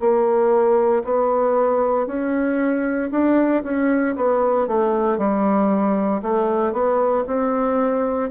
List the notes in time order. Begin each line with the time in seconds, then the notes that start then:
0.00 A#3
1.04 B3
2.07 C#4
3.11 D4
3.64 C#4
4.16 B3
4.68 A3
5.18 G3
6.23 A3
6.73 B3
7.27 C4